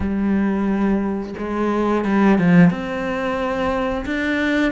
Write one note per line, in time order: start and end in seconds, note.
0.00 1.34 G3
1.38 2.04 G#3
2.04 2.38 G3
2.38 2.70 F3
2.70 4.04 C4
4.05 4.72 D4